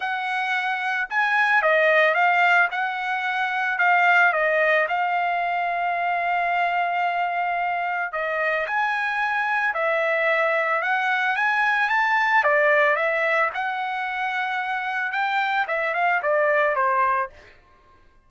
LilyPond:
\new Staff \with { instrumentName = "trumpet" } { \time 4/4 \tempo 4 = 111 fis''2 gis''4 dis''4 | f''4 fis''2 f''4 | dis''4 f''2.~ | f''2. dis''4 |
gis''2 e''2 | fis''4 gis''4 a''4 d''4 | e''4 fis''2. | g''4 e''8 f''8 d''4 c''4 | }